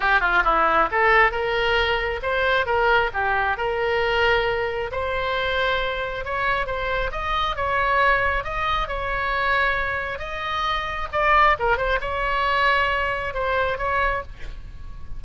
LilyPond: \new Staff \with { instrumentName = "oboe" } { \time 4/4 \tempo 4 = 135 g'8 f'8 e'4 a'4 ais'4~ | ais'4 c''4 ais'4 g'4 | ais'2. c''4~ | c''2 cis''4 c''4 |
dis''4 cis''2 dis''4 | cis''2. dis''4~ | dis''4 d''4 ais'8 c''8 cis''4~ | cis''2 c''4 cis''4 | }